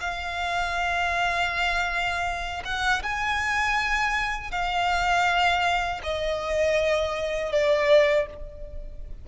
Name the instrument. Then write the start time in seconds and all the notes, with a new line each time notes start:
violin
0.00 F5
2.65 F#5
3.03 G#5
4.51 F5
6.03 D#5
7.51 D5